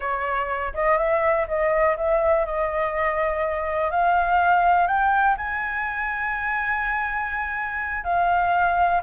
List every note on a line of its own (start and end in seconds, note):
0.00 0.73 C#5
0.74 0.97 D#5
0.97 1.46 E5
1.47 1.96 D#5
1.96 2.45 E5
2.45 3.90 D#5
3.90 4.87 F5
4.87 5.35 G5
5.37 8.04 G#5
8.04 9.01 F5